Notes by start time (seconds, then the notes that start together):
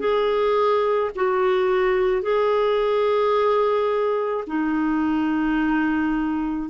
0.00 G#4
1.16 F#4
2.22 G#4
4.47 D#4